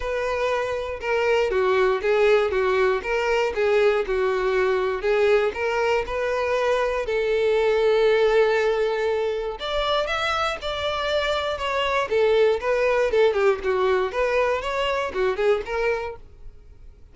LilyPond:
\new Staff \with { instrumentName = "violin" } { \time 4/4 \tempo 4 = 119 b'2 ais'4 fis'4 | gis'4 fis'4 ais'4 gis'4 | fis'2 gis'4 ais'4 | b'2 a'2~ |
a'2. d''4 | e''4 d''2 cis''4 | a'4 b'4 a'8 g'8 fis'4 | b'4 cis''4 fis'8 gis'8 ais'4 | }